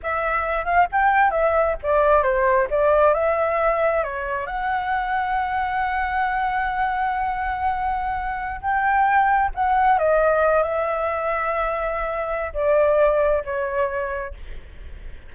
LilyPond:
\new Staff \with { instrumentName = "flute" } { \time 4/4 \tempo 4 = 134 e''4. f''8 g''4 e''4 | d''4 c''4 d''4 e''4~ | e''4 cis''4 fis''2~ | fis''1~ |
fis''2.~ fis''16 g''8.~ | g''4~ g''16 fis''4 dis''4. e''16~ | e''1 | d''2 cis''2 | }